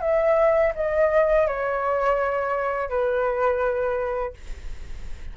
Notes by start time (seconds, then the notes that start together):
0.00 E5
0.75 D#5
1.47 C#5
2.89 B4